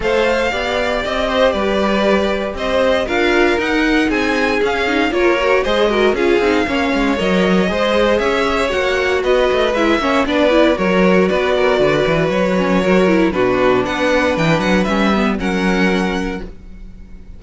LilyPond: <<
  \new Staff \with { instrumentName = "violin" } { \time 4/4 \tempo 4 = 117 f''2 dis''4 d''4~ | d''4 dis''4 f''4 fis''4 | gis''4 f''4 cis''4 dis''4 | f''2 dis''2 |
e''4 fis''4 dis''4 e''4 | d''4 cis''4 d''2 | cis''2 b'4 fis''4 | g''8 fis''8 e''4 fis''2 | }
  \new Staff \with { instrumentName = "violin" } { \time 4/4 c''4 d''4. c''8 b'4~ | b'4 c''4 ais'2 | gis'2 ais'4 c''8 ais'8 | gis'4 cis''2 c''4 |
cis''2 b'4. cis''8 | b'4 ais'4 b'8 ais'8 b'4~ | b'4 ais'4 fis'4 b'4~ | b'2 ais'2 | }
  \new Staff \with { instrumentName = "viola" } { \time 4/4 a'4 g'2.~ | g'2 f'4 dis'4~ | dis'4 cis'8 dis'8 f'8 fis'8 gis'8 fis'8 | f'8 dis'8 cis'4 ais'4 gis'4~ |
gis'4 fis'2 e'8 cis'8 | d'8 e'8 fis'2.~ | fis'8 cis'8 fis'8 e'8 d'2~ | d'4 cis'8 b8 cis'2 | }
  \new Staff \with { instrumentName = "cello" } { \time 4/4 a4 b4 c'4 g4~ | g4 c'4 d'4 dis'4 | c'4 cis'4 ais4 gis4 | cis'8 c'8 ais8 gis8 fis4 gis4 |
cis'4 ais4 b8 a8 gis8 ais8 | b4 fis4 b4 d8 e8 | fis2 b,4 b4 | e8 fis8 g4 fis2 | }
>>